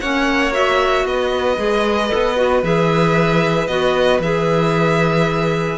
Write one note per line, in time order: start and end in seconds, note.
0.00 1.05 A#3
0.00 0.52 C#4
0.00 1.05 C#5
0.00 0.53 F#5
0.52 1.56 F#4
0.52 1.06 E5
1.05 1.57 B3
1.05 5.78 B4
1.05 2.64 D#5
1.56 2.10 G#3
1.56 2.08 G#4
2.08 2.34 A4
2.14 2.63 B3
2.36 2.62 F#4
2.63 3.67 E3
2.63 3.68 G#4
2.63 3.67 E5
3.67 4.20 B3
3.67 4.21 F#4
3.67 4.19 D#5
4.20 5.77 E3
4.20 5.78 G#4
4.20 5.78 E5